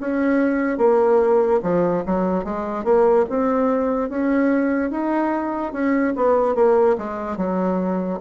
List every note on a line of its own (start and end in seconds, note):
0.00 0.78 C#4
0.78 1.60 A#3
1.63 2.04 F3
2.06 2.44 F#3
2.44 2.84 G#3
2.84 3.25 A#3
3.29 4.09 C4
4.09 4.91 C#4
4.91 5.73 D#4
5.73 6.14 C#4
6.16 6.55 B3
6.55 6.96 A#3
6.98 7.37 G#3
7.37 8.19 F#3